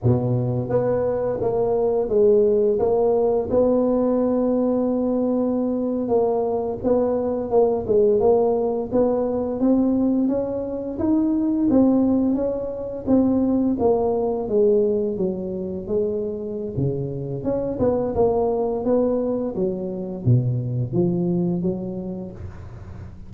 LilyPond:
\new Staff \with { instrumentName = "tuba" } { \time 4/4 \tempo 4 = 86 b,4 b4 ais4 gis4 | ais4 b2.~ | b8. ais4 b4 ais8 gis8 ais16~ | ais8. b4 c'4 cis'4 dis'16~ |
dis'8. c'4 cis'4 c'4 ais16~ | ais8. gis4 fis4 gis4~ gis16 | cis4 cis'8 b8 ais4 b4 | fis4 b,4 f4 fis4 | }